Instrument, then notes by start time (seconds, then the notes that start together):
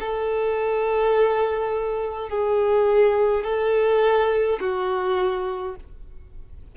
violin
0.00 A4
2.30 G#4
3.44 A4
4.60 F#4